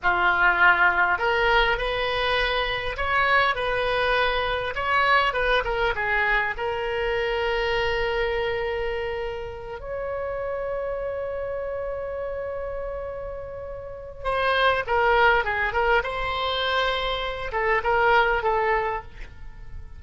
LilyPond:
\new Staff \with { instrumentName = "oboe" } { \time 4/4 \tempo 4 = 101 f'2 ais'4 b'4~ | b'4 cis''4 b'2 | cis''4 b'8 ais'8 gis'4 ais'4~ | ais'1~ |
ais'8 cis''2.~ cis''8~ | cis''1 | c''4 ais'4 gis'8 ais'8 c''4~ | c''4. a'8 ais'4 a'4 | }